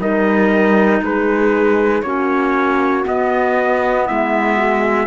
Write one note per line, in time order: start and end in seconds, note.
0.00 1.02 G3
0.00 2.04 D#4
0.00 1.03 A#4
0.00 1.03 D#5
1.02 2.03 G#3
1.02 2.05 G#4
1.02 2.03 B4
2.03 3.04 A#3
2.03 3.04 C#4
2.03 4.06 F#4
2.03 3.04 C#5
3.04 5.07 B3
3.04 4.10 B3
3.04 4.07 D#5
4.06 5.08 G#3
4.06 4.57 E4
4.06 5.08 E5
4.57 5.08 F#4